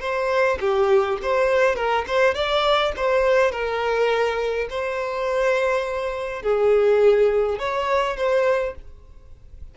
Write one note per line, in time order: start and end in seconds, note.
0.00 0.58 C5
0.60 1.19 G4
1.22 1.76 C5
1.76 2.05 A#4
2.07 2.34 C5
2.34 2.92 D5
2.96 3.52 C5
3.52 4.68 A#4
4.69 6.42 C5
6.42 7.59 G#4
7.59 8.17 C#5
8.17 8.75 C5